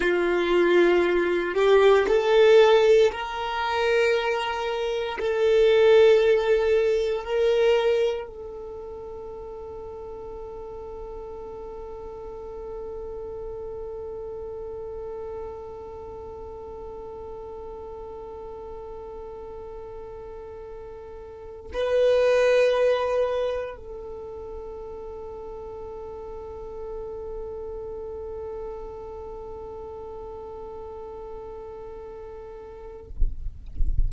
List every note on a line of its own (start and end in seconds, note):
0.00 1.54 F4
1.54 2.05 G4
2.07 3.11 A4
3.11 5.18 A#4
5.19 7.24 A4
7.24 8.27 A#4
8.27 21.71 A4
21.72 23.76 B4
23.76 33.08 A4